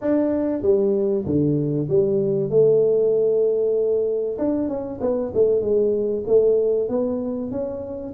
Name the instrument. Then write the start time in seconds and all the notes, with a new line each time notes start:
tuba
0.01 D4
0.62 G3
1.25 D3
1.89 G3
2.50 A3
4.38 D4
4.68 C#4
5.01 B3
5.34 A3
5.61 G#3
6.26 A3
6.88 B3
7.51 C#4